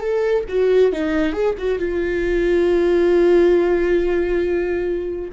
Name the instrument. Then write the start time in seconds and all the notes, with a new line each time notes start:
viola
0.00 A4
0.48 F#4
0.92 D#4
1.33 G#4
1.58 F#4
1.78 F4